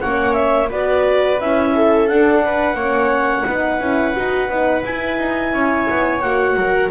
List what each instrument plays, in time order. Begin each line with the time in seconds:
0.00 double bass A#3, horn C#4, viola C#5, clarinet F#5
0.33 clarinet E5
0.69 double bass B3, horn F#4, viola B4, clarinet D5
1.40 double bass C#4, horn E4, clarinet E5
1.75 viola A4
2.07 horn D4, double bass D4, clarinet F#5
2.45 viola B4
2.74 double bass A#3, horn C#4, viola C#5
3.46 double bass B3, horn D#4, viola B4
3.80 double bass C#4, horn E4
4.14 double bass D#4, horn F#4
4.49 double bass B3, horn D#4
4.84 double bass E4, horn E4, clarinet G#5
5.18 double bass D#4
5.52 double bass C#4, viola C#5
5.90 double bass B3
6.21 double bass A#3, horn F#4, clarinet F#5
6.55 double bass F#3, viola A#4